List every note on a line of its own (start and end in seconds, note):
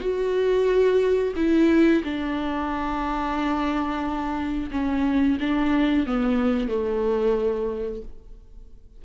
0.00 1.33 F#4
1.36 2.02 E4
2.03 4.70 D4
4.71 5.38 C#4
5.39 6.06 D4
6.06 6.68 B3
6.68 8.01 A3